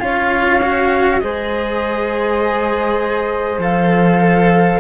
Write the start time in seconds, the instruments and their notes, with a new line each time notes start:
0.00 cello C#4 F4, flute C#5 F5
0.62 cello F#4
1.20 cello G#3 G#4, flute C5 D#5
3.58 cello F3 A4, flute F5